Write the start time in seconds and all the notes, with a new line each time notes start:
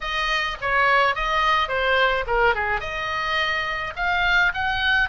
0.00 D#5
0.61 C#5
1.15 D#5
1.68 C5
2.26 A#4
2.54 G#4
2.80 D#5
3.95 F5
4.53 F#5